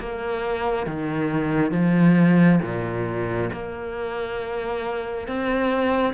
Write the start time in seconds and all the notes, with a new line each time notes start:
0.00 A#3
0.87 D#3
1.72 F3
2.63 A#2
3.53 A#3
5.28 C4